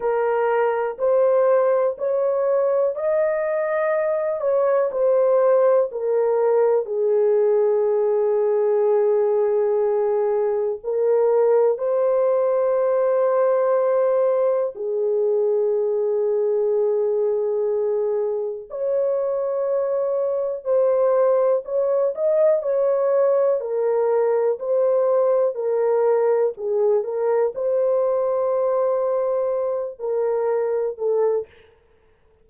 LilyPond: \new Staff \with { instrumentName = "horn" } { \time 4/4 \tempo 4 = 61 ais'4 c''4 cis''4 dis''4~ | dis''8 cis''8 c''4 ais'4 gis'4~ | gis'2. ais'4 | c''2. gis'4~ |
gis'2. cis''4~ | cis''4 c''4 cis''8 dis''8 cis''4 | ais'4 c''4 ais'4 gis'8 ais'8 | c''2~ c''8 ais'4 a'8 | }